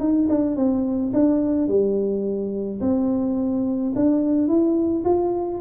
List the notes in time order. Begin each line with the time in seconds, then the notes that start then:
0.00 D#4
0.29 D4
0.56 C4
1.13 D4
1.68 G3
2.81 C4
3.95 D4
4.48 E4
5.05 F4